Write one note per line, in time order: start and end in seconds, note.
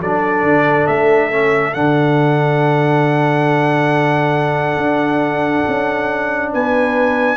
0.00 0.42 F#3
0.00 1.30 D4
0.00 6.52 A4
0.00 0.86 D5
0.42 0.86 D3
0.86 1.74 A3
0.86 1.73 E5
1.30 1.73 C#4
1.73 4.76 D3
1.73 7.36 D4
1.73 6.51 F#5
4.76 5.63 D4
5.67 6.54 C#4
6.52 7.36 B3
6.52 7.36 B4
6.52 7.36 G#5